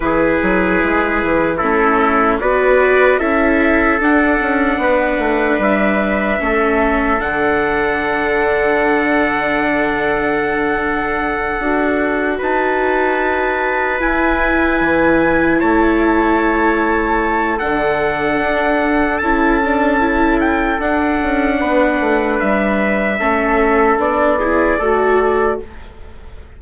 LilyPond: <<
  \new Staff \with { instrumentName = "trumpet" } { \time 4/4 \tempo 4 = 75 b'2 a'4 d''4 | e''4 fis''2 e''4~ | e''4 fis''2.~ | fis''2.~ fis''8 a''8~ |
a''4. gis''2 a''8~ | a''2 fis''2 | a''4. g''8 fis''2 | e''2 d''2 | }
  \new Staff \with { instrumentName = "trumpet" } { \time 4/4 gis'2 e'4 b'4 | a'2 b'2 | a'1~ | a'2.~ a'8 b'8~ |
b'2.~ b'8 cis''8~ | cis''2 a'2~ | a'2. b'4~ | b'4 a'4. gis'8 a'4 | }
  \new Staff \with { instrumentName = "viola" } { \time 4/4 e'2 cis'4 fis'4 | e'4 d'2. | cis'4 d'2.~ | d'2~ d'8 fis'4.~ |
fis'4. e'2~ e'8~ | e'2 d'2 | e'8 d'8 e'4 d'2~ | d'4 cis'4 d'8 e'8 fis'4 | }
  \new Staff \with { instrumentName = "bassoon" } { \time 4/4 e8 fis8 gis8 e8 a4 b4 | cis'4 d'8 cis'8 b8 a8 g4 | a4 d2.~ | d2~ d8 d'4 dis'8~ |
dis'4. e'4 e4 a8~ | a2 d4 d'4 | cis'2 d'8 cis'8 b8 a8 | g4 a4 b4 a4 | }
>>